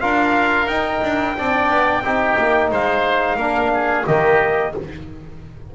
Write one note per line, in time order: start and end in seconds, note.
0.00 0.67 D4
0.00 0.68 F4
0.00 1.37 A#4
0.00 0.67 F5
0.67 1.00 D#4
0.67 1.35 D#4
0.67 2.69 G5
1.03 1.37 D4
1.36 1.70 C4
1.36 2.04 D4
1.36 2.03 D5
1.70 2.01 B3
2.01 2.35 C4
2.01 3.39 D#4
2.01 2.70 G4
2.37 2.70 A#3
2.70 3.36 G#3
2.70 3.37 C5
2.70 4.06 F5
3.36 4.03 A#3
3.36 4.04 D4
3.36 3.71 A#4
3.74 4.06 G#4
4.04 4.74 D#3
4.04 4.72 A#3
4.04 4.74 G4
4.04 4.73 D#5